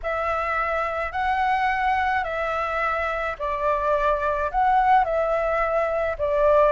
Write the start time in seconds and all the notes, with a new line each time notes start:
0.03 E5
1.12 F#5
2.24 E5
3.38 D5
4.51 F#5
5.04 E5
6.18 D5